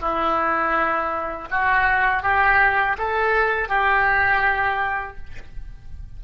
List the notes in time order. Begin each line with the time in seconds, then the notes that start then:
0.00 E4
1.51 F#4
2.23 G4
2.98 A4
3.68 G4